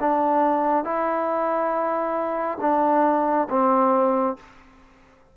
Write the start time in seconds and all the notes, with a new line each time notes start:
0.00 D4
0.84 E4
2.61 D4
3.49 C4